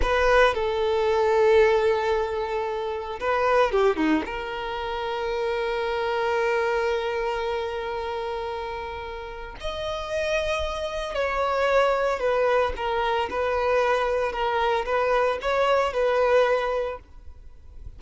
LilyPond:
\new Staff \with { instrumentName = "violin" } { \time 4/4 \tempo 4 = 113 b'4 a'2.~ | a'2 b'4 g'8 dis'8 | ais'1~ | ais'1~ |
ais'2 dis''2~ | dis''4 cis''2 b'4 | ais'4 b'2 ais'4 | b'4 cis''4 b'2 | }